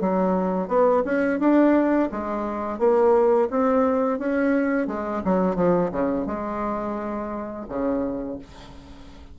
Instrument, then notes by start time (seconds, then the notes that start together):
bassoon
0.00 F#3
0.68 B3
1.05 C#4
1.39 D4
2.11 G#3
2.78 A#3
3.50 C4
4.19 C#4
4.87 G#3
5.24 F#3
5.55 F3
5.91 C#3
6.26 G#3
7.68 C#3